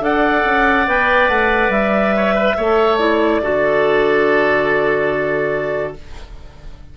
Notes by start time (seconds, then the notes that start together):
0.00 D4 A4 D5 F#5
0.45 C#4
0.87 B3 B4 G5
1.28 A3 F#5
1.69 G3 E5
2.16 C#5
2.35 B4
2.57 A3 A4 C#5
2.98 E4 D5
3.41 D3 F#4 A4